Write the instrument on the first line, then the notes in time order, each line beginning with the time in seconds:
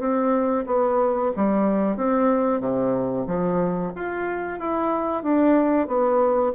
bassoon
0.00 C4
0.66 B3
1.36 G3
1.97 C4
2.60 C3
3.27 F3
3.95 F4
4.59 E4
5.23 D4
5.87 B3